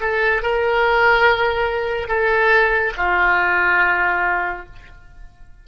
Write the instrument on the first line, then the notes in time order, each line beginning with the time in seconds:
oboe
0.00 A4
0.42 A#4
2.08 A4
2.97 F4